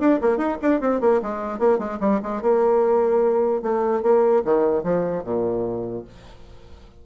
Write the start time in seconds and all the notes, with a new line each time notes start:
0.00 D4
0.22 A#3
0.38 D#4
0.62 D4
0.81 C4
1.01 A#3
1.22 G#3
1.59 A#3
1.79 G#3
2.01 G3
2.23 G#3
2.42 A#3
3.63 A3
4.03 A#3
4.45 D#3
4.84 F3
5.24 A#2